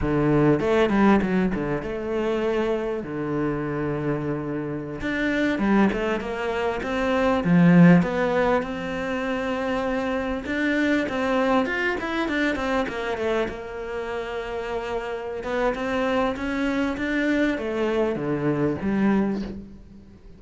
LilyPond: \new Staff \with { instrumentName = "cello" } { \time 4/4 \tempo 4 = 99 d4 a8 g8 fis8 d8 a4~ | a4 d2.~ | d16 d'4 g8 a8 ais4 c'8.~ | c'16 f4 b4 c'4.~ c'16~ |
c'4~ c'16 d'4 c'4 f'8 e'16~ | e'16 d'8 c'8 ais8 a8 ais4.~ ais16~ | ais4. b8 c'4 cis'4 | d'4 a4 d4 g4 | }